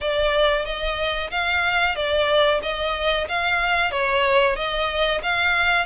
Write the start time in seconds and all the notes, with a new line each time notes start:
0.00 D5
0.65 D#5
1.30 F5
1.95 D5
2.62 D#5
3.28 F5
3.91 C#5
4.55 D#5
5.22 F5